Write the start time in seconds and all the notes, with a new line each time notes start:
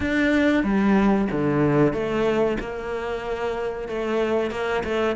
0.00 D4
0.63 G3
1.31 D3
1.93 A3
2.60 A#3
3.88 A3
4.50 A#3
4.84 A3